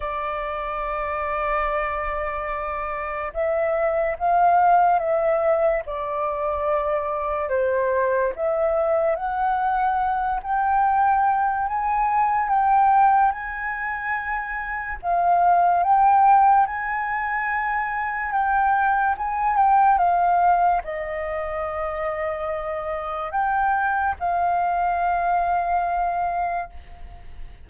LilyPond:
\new Staff \with { instrumentName = "flute" } { \time 4/4 \tempo 4 = 72 d''1 | e''4 f''4 e''4 d''4~ | d''4 c''4 e''4 fis''4~ | fis''8 g''4. gis''4 g''4 |
gis''2 f''4 g''4 | gis''2 g''4 gis''8 g''8 | f''4 dis''2. | g''4 f''2. | }